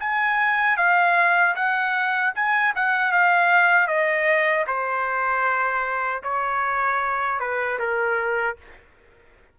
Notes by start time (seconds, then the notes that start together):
0.00 G#5
0.78 F5
1.56 F#5
2.35 G#5
2.76 F#5
3.12 F5
3.88 D#5
4.67 C5
6.23 C#5
7.40 B4
7.79 A#4